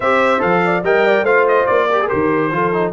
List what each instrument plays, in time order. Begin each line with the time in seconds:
0.00 tuba C4, trombone G4, horn C5, trumpet E5
0.39 tuba F3, trombone A4, trumpet F5
0.65 horn D5
0.83 tuba G3, trombone A#4, horn D#5, trumpet G5
1.06 horn D5
1.22 tuba A3, trombone F4, horn C5, trumpet F5
1.48 trumpet D#5
1.65 tuba A#3, trumpet D5
1.89 trombone G4, horn A#4
2.00 trombone G#4
2.08 tuba D#3, trombone G4, trumpet C5
2.51 tuba F3, trombone F4, horn A4
2.72 trombone D#4